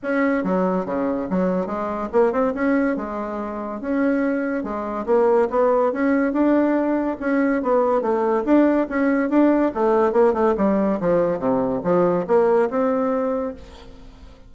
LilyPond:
\new Staff \with { instrumentName = "bassoon" } { \time 4/4 \tempo 4 = 142 cis'4 fis4 cis4 fis4 | gis4 ais8 c'8 cis'4 gis4~ | gis4 cis'2 gis4 | ais4 b4 cis'4 d'4~ |
d'4 cis'4 b4 a4 | d'4 cis'4 d'4 a4 | ais8 a8 g4 f4 c4 | f4 ais4 c'2 | }